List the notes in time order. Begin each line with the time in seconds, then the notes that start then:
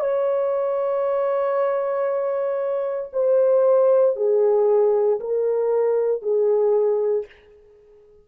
0.00 C#5
3.13 C5
4.17 G#4
5.20 A#4
6.22 G#4